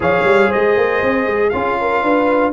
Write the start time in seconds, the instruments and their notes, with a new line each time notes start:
0.00 tuba F3, trombone G#4, horn C#5, trumpet F5
0.24 tuba G3
0.49 tuba G#3, horn C5, trumpet D#5
0.76 tuba A#3
1.02 tuba C4
1.26 tuba G#3
1.49 tuba C#4, trombone F4, horn G#4, trumpet F5
1.80 horn A#4
2.02 tuba D4, horn B4